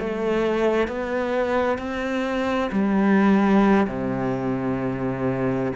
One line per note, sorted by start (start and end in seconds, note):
0.00 0.88 A3
0.88 1.78 B3
1.78 2.71 C4
2.72 3.88 G3
3.88 5.72 C3